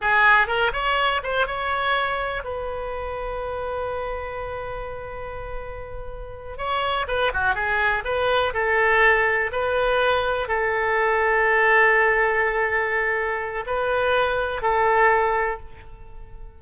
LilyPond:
\new Staff \with { instrumentName = "oboe" } { \time 4/4 \tempo 4 = 123 gis'4 ais'8 cis''4 c''8 cis''4~ | cis''4 b'2.~ | b'1~ | b'4. cis''4 b'8 fis'8 gis'8~ |
gis'8 b'4 a'2 b'8~ | b'4. a'2~ a'8~ | a'1 | b'2 a'2 | }